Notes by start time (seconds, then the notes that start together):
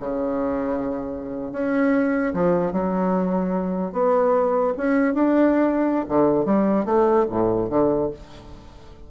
0.00 C#3
1.52 C#4
2.33 F3
2.72 F#3
3.92 B3
4.77 C#4
5.14 D4
6.08 D3
6.45 G3
6.85 A3
7.30 A2
7.70 D3